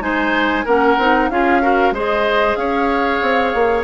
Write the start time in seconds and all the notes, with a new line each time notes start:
0.00 G#3 D#4 C5 G#5
0.65 A#3 C#4 A#4 F#5
0.98 C4 D#4
1.29 C#4 F4 G#4 F5
1.61 F#4 A#4
1.91 G#3 G#4 C5
1.97 D#5
2.56 C#4 C#5 F5
3.22 C4
3.54 A#3